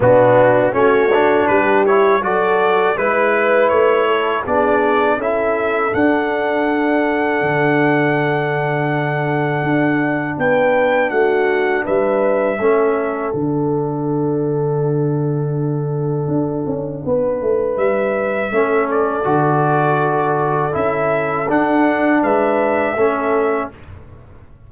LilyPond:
<<
  \new Staff \with { instrumentName = "trumpet" } { \time 4/4 \tempo 4 = 81 fis'4 cis''4 b'8 cis''8 d''4 | b'4 cis''4 d''4 e''4 | fis''1~ | fis''2 g''4 fis''4 |
e''2 fis''2~ | fis''1 | e''4. d''2~ d''8 | e''4 fis''4 e''2 | }
  \new Staff \with { instrumentName = "horn" } { \time 4/4 d'4 fis'4 g'4 a'4 | b'4. a'8 gis'4 a'4~ | a'1~ | a'2 b'4 fis'4 |
b'4 a'2.~ | a'2. b'4~ | b'4 a'2.~ | a'2 b'4 a'4 | }
  \new Staff \with { instrumentName = "trombone" } { \time 4/4 b4 cis'8 d'4 e'8 fis'4 | e'2 d'4 e'4 | d'1~ | d'1~ |
d'4 cis'4 d'2~ | d'1~ | d'4 cis'4 fis'2 | e'4 d'2 cis'4 | }
  \new Staff \with { instrumentName = "tuba" } { \time 4/4 b,4 a4 g4 fis4 | gis4 a4 b4 cis'4 | d'2 d2~ | d4 d'4 b4 a4 |
g4 a4 d2~ | d2 d'8 cis'8 b8 a8 | g4 a4 d2 | cis'4 d'4 gis4 a4 | }
>>